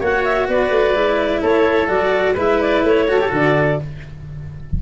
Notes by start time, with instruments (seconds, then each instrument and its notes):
0.00 tuba A#3, cello F#4, oboe C#5, clarinet F#5
0.24 clarinet E5
0.48 tuba B3, oboe B4, clarinet D5
0.70 tuba A3
0.94 tuba G#3, cello E4
1.42 tuba A3, oboe A4, clarinet C#5
1.87 tuba F#3, cello F#4, clarinet D5
2.34 tuba G#3, cello E4, oboe B4, clarinet E5
2.61 clarinet D5
2.83 tuba A3, clarinet C#5
3.08 cello F#4, oboe A4
3.20 cello G4
3.28 tuba D3, cello F#4
3.35 clarinet D5